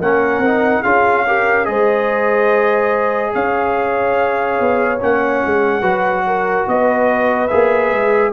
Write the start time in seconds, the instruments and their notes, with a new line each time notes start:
0.00 tuba A#3, trombone C#4, horn A#4, trumpet F#5
0.38 tuba C4
0.44 trombone D#4
0.81 tuba C#4, trombone F4, horn G#4, trumpet F5
1.27 trombone G4, horn A#4
1.65 tuba G#3, trombone G#4, horn C5, trumpet D#5
3.33 tuba C#4, horn C#5, trumpet F5
4.59 tuba B3
5.00 tuba A#3, trombone C#4, trumpet F#5
5.44 tuba G#3
5.81 tuba F#3, trombone F#4, horn B4
6.26 horn A#4
6.67 tuba B3, horn B4, trumpet D#5
7.47 tuba A#3, trombone G#4, trumpet E5
7.91 tuba G#3